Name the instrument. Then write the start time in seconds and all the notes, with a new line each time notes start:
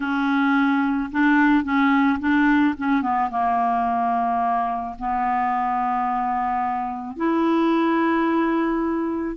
clarinet
0.00 C#4
1.11 D4
1.63 C#4
2.19 D4
2.77 C#4
3.02 B3
3.30 A#3
4.98 B3
7.16 E4